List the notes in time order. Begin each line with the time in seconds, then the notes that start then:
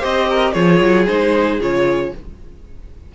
0.00 C4 G4 C5 D#5
0.29 A#4
0.52 F3 F4 G#4 C#5
0.79 F#3
1.07 G#3 D#4 C5
1.59 C#3 F4 C#5